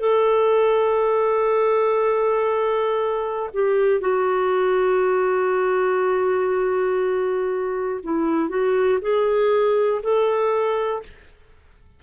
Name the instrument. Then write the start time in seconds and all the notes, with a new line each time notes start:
clarinet
0.00 A4
3.54 G4
4.01 F#4
8.04 E4
8.49 F#4
9.02 G#4
10.03 A4